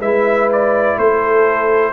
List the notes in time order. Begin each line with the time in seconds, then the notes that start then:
0.00 G#3 E4 B4 E5
0.53 D5
0.98 A3 A4 C5